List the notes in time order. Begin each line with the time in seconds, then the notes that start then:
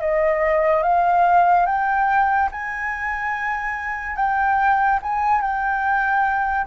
0.00 D#5
0.82 F5
1.66 G5
2.51 G#5
4.16 G5
5.02 G#5
5.41 G5